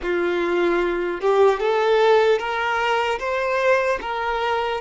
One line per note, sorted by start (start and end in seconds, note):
0.02 1.20 F4
1.20 1.59 G4
1.59 2.39 A4
2.39 3.19 A#4
3.19 3.99 C5
4.01 4.81 A#4